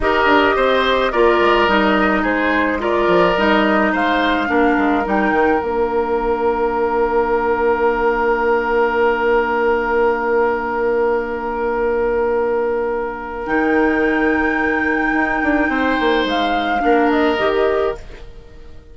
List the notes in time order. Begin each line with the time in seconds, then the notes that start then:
0.00 D#4 G4 A#4 D#5
0.25 D4
0.56 C4 C5
1.12 A#3 F4 A#4 D5
1.39 G#3
1.67 G3 D#4 D#5
2.21 G#3 G#4 C5
2.79 F4 A#4 D5
3.07 F3
3.36 G3 D#4 D#5
3.92 G#3 C5 F5
4.46 A#3 D4 A#4
4.78 G#3
5.05 G3 D#4 G5
5.32 D#3
5.59 A#3 D4 F5
13.46 D#3 D#4 G5
15.12 D#4
15.43 D4
15.69 C4 C5
16.00 A#3
16.25 G#3 F5
16.79 A#3 D4 A#4
17.10 D#5
17.38 D#3 G4